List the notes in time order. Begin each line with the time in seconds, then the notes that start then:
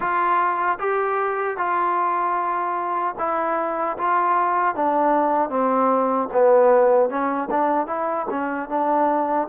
0.00 F4
0.79 G4
1.57 F4
3.18 E4
3.97 F4
4.75 D4
5.49 C4
6.33 B3
7.09 C#4
7.50 D4
7.86 E4
8.29 C#4
8.69 D4